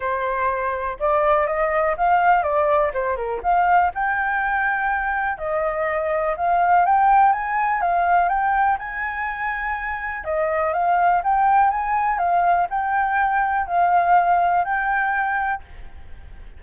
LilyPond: \new Staff \with { instrumentName = "flute" } { \time 4/4 \tempo 4 = 123 c''2 d''4 dis''4 | f''4 d''4 c''8 ais'8 f''4 | g''2. dis''4~ | dis''4 f''4 g''4 gis''4 |
f''4 g''4 gis''2~ | gis''4 dis''4 f''4 g''4 | gis''4 f''4 g''2 | f''2 g''2 | }